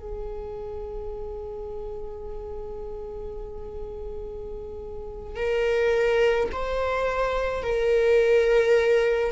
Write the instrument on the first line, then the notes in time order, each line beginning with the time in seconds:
viola
0.00 G#4
5.36 A#4
6.52 C5
7.63 A#4